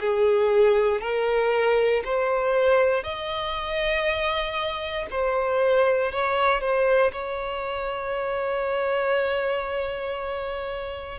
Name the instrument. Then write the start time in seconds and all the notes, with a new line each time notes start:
violin
0.00 G#4
1.01 A#4
2.05 C5
3.03 D#5
5.10 C5
6.12 C#5
6.61 C5
7.12 C#5